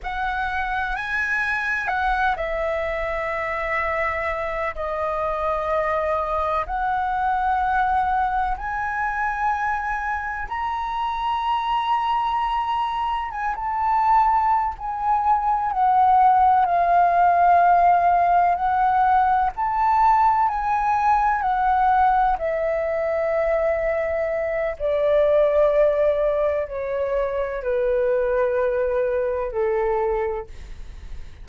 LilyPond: \new Staff \with { instrumentName = "flute" } { \time 4/4 \tempo 4 = 63 fis''4 gis''4 fis''8 e''4.~ | e''4 dis''2 fis''4~ | fis''4 gis''2 ais''4~ | ais''2 gis''16 a''4~ a''16 gis''8~ |
gis''8 fis''4 f''2 fis''8~ | fis''8 a''4 gis''4 fis''4 e''8~ | e''2 d''2 | cis''4 b'2 a'4 | }